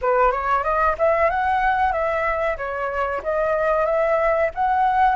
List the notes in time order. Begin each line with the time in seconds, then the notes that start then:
0.01 B4
0.31 C#5
0.63 D#5
0.98 E5
1.30 F#5
1.92 E5
2.57 C#5
3.23 D#5
3.85 E5
4.54 F#5